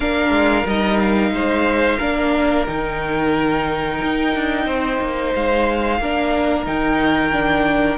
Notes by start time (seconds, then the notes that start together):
0.00 A#3 D4 A#4 F5
0.30 G#3
0.65 G3 D#4 D#5
0.99 F5
1.31 G#3 C5
1.97 A#3 D4 A#4
2.66 D#3 D#4 G5
4.02 D#4
4.35 D4
4.65 C4 C5
5.00 A#3
5.34 G#3 F5
5.99 A#3 D4 A#4
6.65 D#3 D#4 G5
7.32 D4